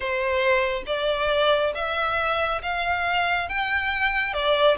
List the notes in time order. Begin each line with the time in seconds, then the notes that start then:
0.00 C5
0.86 D5
1.74 E5
2.62 F5
3.48 G5
4.33 D5